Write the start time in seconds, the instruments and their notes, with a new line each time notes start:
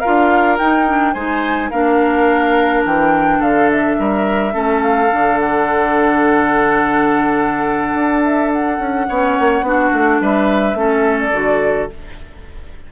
0.00 clarinet F4, oboe A#4, flute F5
0.07 bassoon D4
0.58 clarinet D#4, bassoon D#4, flute G5
0.87 clarinet D4
1.13 bassoon G#3, clarinet D#4, oboe C5, flute G#5
1.70 bassoon A#3, clarinet D4, oboe A#4, flute F5
2.85 bassoon E3, flute G5
3.39 bassoon D3, oboe A4, flute F5
3.71 flute E5
3.99 bassoon G3, oboe A#4
4.52 bassoon A3, clarinet C#4, oboe A4
4.82 flute F5
5.12 bassoon D3, clarinet D4
5.40 flute F#5
7.94 bassoon D4
8.24 flute E5
8.52 flute F#5
8.79 bassoon C#4
9.09 bassoon B3, clarinet C#4, oboe C#5
9.40 bassoon A#3
9.62 bassoon B3, clarinet D4, oboe F#4
9.93 bassoon A3
10.21 bassoon G3, oboe B4, flute E5
10.74 bassoon A3, clarinet C#4, oboe A4
11.19 flute D5
11.33 bassoon D3, clarinet F#4